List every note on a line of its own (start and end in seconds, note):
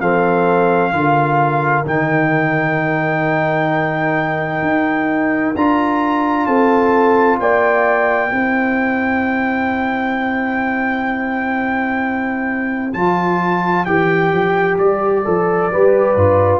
0.00 0.92 F3
0.00 0.92 C4
0.00 0.92 A4
0.00 1.85 F5
0.92 1.85 D3
0.92 1.84 F4
0.92 6.46 A#4
1.85 4.62 D#3
1.85 5.55 D#4
1.85 5.56 G5
4.62 5.54 D#4
5.55 6.46 D4
5.55 8.31 F4
5.55 6.46 A#5
6.46 7.38 C4
6.46 7.39 A4
6.46 7.38 A5
7.39 8.31 A#3
7.39 8.32 D5
7.39 12.93 G5
8.31 12.93 C4
8.31 12.92 E4
8.31 15.71 C5
12.93 13.86 F3
12.93 13.86 F4
12.93 13.85 A5
13.85 14.32 E3
13.85 15.24 G4
13.85 14.77 G5
14.32 14.78 F3
14.78 15.25 G3
14.78 16.59 D5
15.24 15.72 F3
15.24 15.70 A4
15.71 16.16 G3
15.71 16.17 G4
15.71 16.59 B4
16.16 16.59 G2
16.16 16.59 F4